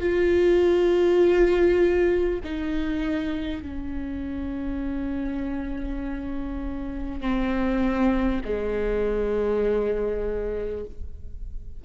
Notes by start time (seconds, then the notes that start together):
0.00 F4
2.43 D#4
3.62 C#4
7.21 C4
8.44 G#3